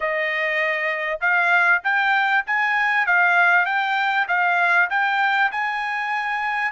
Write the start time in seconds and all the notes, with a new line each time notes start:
0.00 D#5
1.21 F5
1.83 G5
2.46 G#5
3.06 F5
3.65 G5
4.27 F5
4.90 G5
5.51 G#5